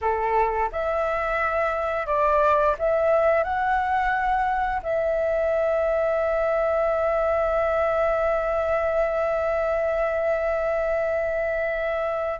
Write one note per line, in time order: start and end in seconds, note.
0.01 0.70 A4
0.71 2.06 E5
2.06 2.75 D5
2.79 3.43 E5
3.43 4.81 F#5
4.82 12.40 E5